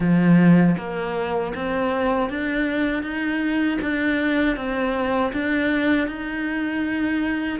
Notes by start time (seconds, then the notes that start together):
0.00 F3
0.77 A#3
1.55 C4
2.29 D4
3.02 D#4
3.81 D4
4.56 C4
5.33 D4
6.07 D#4